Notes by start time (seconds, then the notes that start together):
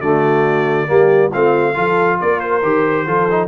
0.00 D3 A3 F#4 D5
0.88 G3 A#3 G4
1.30 A3 C4 F4 F5
1.74 F3 F4 A4
2.21 A#3 A#4 D5
2.40 C5
2.63 D#3 G4
3.06 F3 F4 A4
3.31 D#4